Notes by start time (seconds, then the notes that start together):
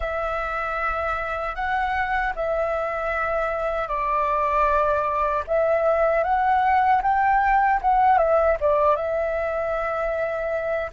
0.00 E5
1.55 F#5
2.35 E5
3.87 D5
5.47 E5
6.23 F#5
7.02 G5
7.81 F#5
8.17 E5
8.60 D5
8.96 E5